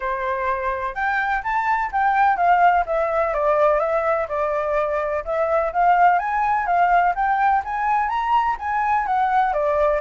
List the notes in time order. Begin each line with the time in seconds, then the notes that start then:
0.00 C5
0.94 G5
1.43 A5
1.92 G5
2.36 F5
2.85 E5
3.33 D5
3.79 E5
4.28 D5
5.24 E5
5.72 F5
6.18 G#5
6.66 F5
7.15 G5
7.64 G#5
8.08 A#5
8.59 G#5
9.06 F#5
9.53 D5